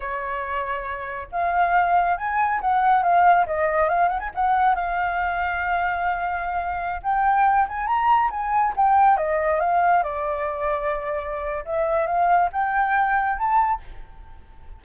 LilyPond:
\new Staff \with { instrumentName = "flute" } { \time 4/4 \tempo 4 = 139 cis''2. f''4~ | f''4 gis''4 fis''4 f''4 | dis''4 f''8 fis''16 gis''16 fis''4 f''4~ | f''1~ |
f''16 g''4. gis''8 ais''4 gis''8.~ | gis''16 g''4 dis''4 f''4 d''8.~ | d''2. e''4 | f''4 g''2 a''4 | }